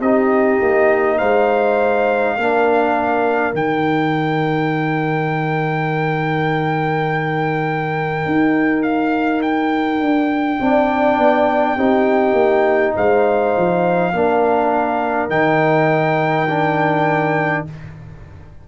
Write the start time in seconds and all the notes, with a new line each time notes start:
0.00 C4 D#4 G4 D#5
0.62 A#3
1.17 G#3 C5 F5
2.36 A#3 D4 A#4
3.53 D#3 D#4 G5
8.25 D#4
8.83 F5
9.42 G5
10.00 D4
10.60 C4 D4 D5
11.17 B3
11.75 C4 D#4 G4
12.33 A#3
12.96 G#3 C5 F5
13.57 F3
14.13 A#3 D4 A#4
15.29 D#3 D#4 G5
16.49 D4